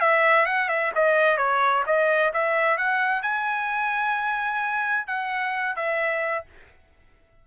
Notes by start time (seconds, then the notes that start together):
0.00 E5
0.46 F#5
0.68 E5
0.95 D#5
1.37 C#5
1.86 D#5
2.33 E5
2.77 F#5
3.22 G#5
5.07 F#5
5.75 E5